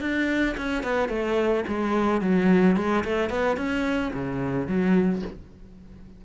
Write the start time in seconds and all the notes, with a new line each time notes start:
0.00 D4
0.57 C#4
0.83 B3
1.09 A3
1.67 G#3
2.21 F#3
2.76 G#3
3.04 A3
3.29 B3
3.57 C#4
4.13 C#3
4.67 F#3